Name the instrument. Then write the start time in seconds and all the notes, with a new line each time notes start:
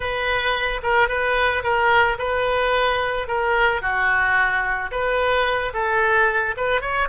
oboe
0.00 B4
0.83 A#4
1.08 B4
1.63 A#4
2.18 B4
3.27 A#4
3.81 F#4
4.91 B4
5.73 A4
6.56 B4
6.81 C#5